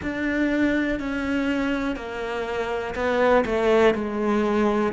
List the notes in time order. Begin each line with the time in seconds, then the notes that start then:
0.02 D4
0.99 C#4
1.96 A#3
2.95 B3
3.45 A3
3.94 G#3